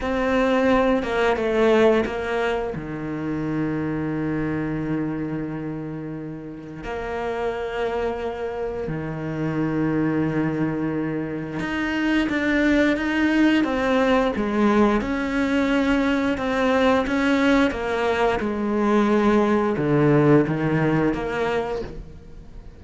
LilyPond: \new Staff \with { instrumentName = "cello" } { \time 4/4 \tempo 4 = 88 c'4. ais8 a4 ais4 | dis1~ | dis2 ais2~ | ais4 dis2.~ |
dis4 dis'4 d'4 dis'4 | c'4 gis4 cis'2 | c'4 cis'4 ais4 gis4~ | gis4 d4 dis4 ais4 | }